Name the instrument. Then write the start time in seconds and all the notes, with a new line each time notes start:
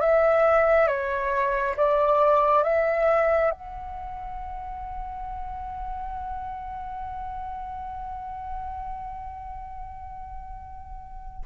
flute
0.00 E5
0.87 C#5
1.76 D5
2.63 E5
3.50 F#5